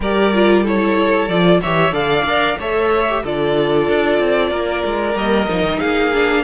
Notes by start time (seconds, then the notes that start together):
0.00 G3 G4 A#4 D5
0.33 F4
0.63 E4 A4 C#5
1.28 F3 F4 D5
1.61 E3 G4 C#5 E5
1.91 D3 A4 D5 F5
2.24 D4 A#4
2.58 A3 A4 C#5 E5
3.09 G4
3.23 D3 F4 A4 D5
3.88 D4
4.19 C4
4.50 A#3 A#4
4.85 G#3
5.13 G3 A#3 D#5
5.49 F3 D#4
5.62 D#3
5.79 A#3 G#4 F5
6.13 D4